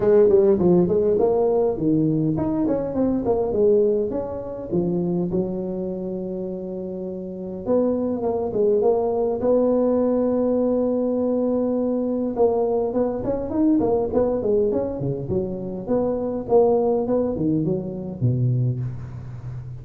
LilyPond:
\new Staff \with { instrumentName = "tuba" } { \time 4/4 \tempo 4 = 102 gis8 g8 f8 gis8 ais4 dis4 | dis'8 cis'8 c'8 ais8 gis4 cis'4 | f4 fis2.~ | fis4 b4 ais8 gis8 ais4 |
b1~ | b4 ais4 b8 cis'8 dis'8 ais8 | b8 gis8 cis'8 cis8 fis4 b4 | ais4 b8 dis8 fis4 b,4 | }